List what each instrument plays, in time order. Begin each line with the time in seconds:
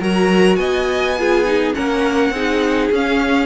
0.00 cello F#3, viola F#4, violin A#4 A#5
0.56 cello B3, violin D#5 G#5
1.18 viola F4, violin G#4
1.45 viola D#4
1.74 cello A#3, viola C#4, violin A#4 F#5
2.30 cello C4, viola D#4, violin G#4
2.92 cello C#4, viola C#4, violin F5